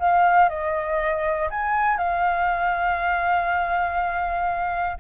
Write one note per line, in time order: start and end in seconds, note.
0.00 0.50 F5
0.50 1.50 D#5
1.50 1.98 G#5
1.98 4.98 F5